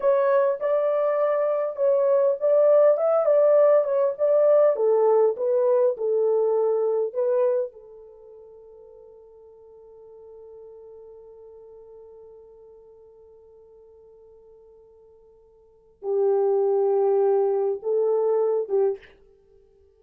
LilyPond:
\new Staff \with { instrumentName = "horn" } { \time 4/4 \tempo 4 = 101 cis''4 d''2 cis''4 | d''4 e''8 d''4 cis''8 d''4 | a'4 b'4 a'2 | b'4 a'2.~ |
a'1~ | a'1~ | a'2. g'4~ | g'2 a'4. g'8 | }